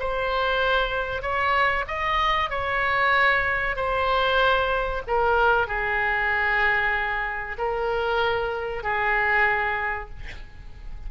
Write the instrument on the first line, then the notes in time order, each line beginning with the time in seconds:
oboe
0.00 C5
1.22 C#5
1.88 D#5
2.50 C#5
3.76 C5
5.07 A#4
5.68 G#4
7.58 A#4
8.83 G#4